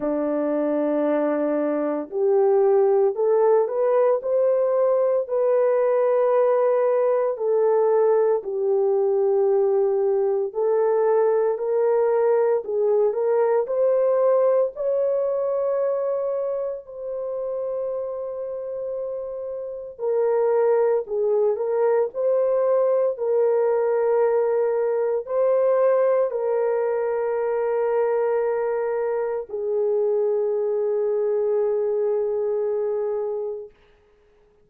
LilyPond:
\new Staff \with { instrumentName = "horn" } { \time 4/4 \tempo 4 = 57 d'2 g'4 a'8 b'8 | c''4 b'2 a'4 | g'2 a'4 ais'4 | gis'8 ais'8 c''4 cis''2 |
c''2. ais'4 | gis'8 ais'8 c''4 ais'2 | c''4 ais'2. | gis'1 | }